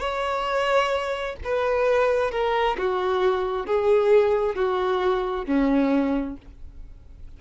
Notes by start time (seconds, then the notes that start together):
0.00 C#5
1.44 B4
2.31 A#4
2.78 F#4
3.67 G#4
4.55 F#4
5.46 C#4